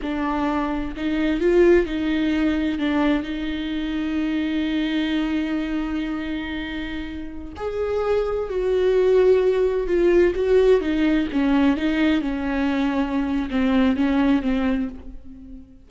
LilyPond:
\new Staff \with { instrumentName = "viola" } { \time 4/4 \tempo 4 = 129 d'2 dis'4 f'4 | dis'2 d'4 dis'4~ | dis'1~ | dis'1~ |
dis'16 gis'2 fis'4.~ fis'16~ | fis'4~ fis'16 f'4 fis'4 dis'8.~ | dis'16 cis'4 dis'4 cis'4.~ cis'16~ | cis'4 c'4 cis'4 c'4 | }